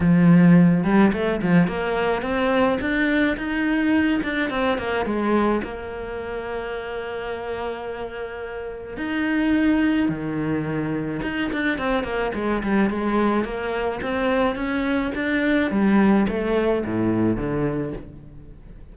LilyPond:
\new Staff \with { instrumentName = "cello" } { \time 4/4 \tempo 4 = 107 f4. g8 a8 f8 ais4 | c'4 d'4 dis'4. d'8 | c'8 ais8 gis4 ais2~ | ais1 |
dis'2 dis2 | dis'8 d'8 c'8 ais8 gis8 g8 gis4 | ais4 c'4 cis'4 d'4 | g4 a4 a,4 d4 | }